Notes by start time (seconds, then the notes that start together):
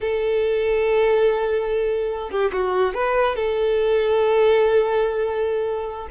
0.01 A4
2.30 G4
2.52 F#4
2.94 B4
3.35 A4